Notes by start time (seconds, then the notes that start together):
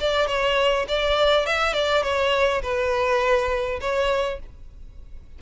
0.00 D5
0.27 C#5
0.88 D5
1.46 E5
1.73 D5
2.03 C#5
2.62 B4
3.80 C#5